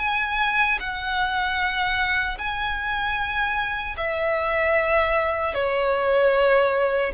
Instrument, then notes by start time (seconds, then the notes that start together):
violin
0.00 G#5
0.80 F#5
2.39 G#5
3.98 E5
5.55 C#5